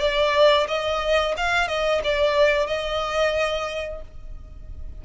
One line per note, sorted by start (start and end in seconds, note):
0.00 0.67 D5
0.68 1.35 D#5
1.37 1.68 F5
1.68 2.02 D#5
2.04 2.67 D5
2.67 4.02 D#5